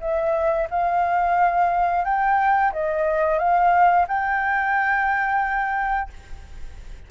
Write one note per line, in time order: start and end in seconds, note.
0.00 0.67 E5
0.70 2.04 F5
2.04 2.72 G5
2.72 3.38 D#5
3.38 4.06 F5
4.07 6.09 G5